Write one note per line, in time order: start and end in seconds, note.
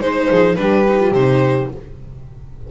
0.00 0.29 G#3
0.00 0.56 D#4
0.00 0.55 C5
0.00 0.28 C5
0.28 0.56 F3
0.28 0.56 G#4
0.55 1.11 G3
0.55 0.86 D4
0.55 1.71 G4
0.55 1.11 B4
0.88 1.00 D#4
1.00 1.14 F4
1.11 1.67 C3
1.11 1.70 D#4
1.11 1.70 C5